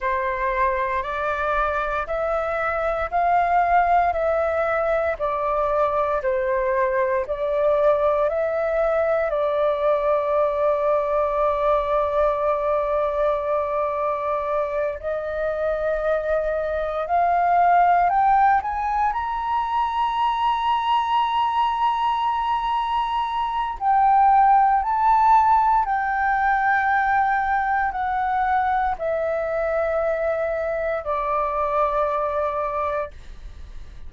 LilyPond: \new Staff \with { instrumentName = "flute" } { \time 4/4 \tempo 4 = 58 c''4 d''4 e''4 f''4 | e''4 d''4 c''4 d''4 | e''4 d''2.~ | d''2~ d''8 dis''4.~ |
dis''8 f''4 g''8 gis''8 ais''4.~ | ais''2. g''4 | a''4 g''2 fis''4 | e''2 d''2 | }